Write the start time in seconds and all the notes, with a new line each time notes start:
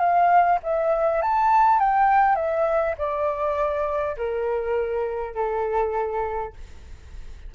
0.00 F5
0.63 E5
1.22 A5
1.80 G5
2.36 E5
2.98 D5
4.17 A#4
5.35 A4